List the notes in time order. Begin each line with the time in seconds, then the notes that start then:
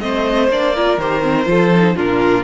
0.00 A3 C4 C5 D#5
0.49 A#3 D4 D5
0.75 F4 A#4
0.97 D#3 G4 C5
1.21 C4
1.45 F3 F4 A4
1.75 D#4
1.95 A#2 D4 F4 A#4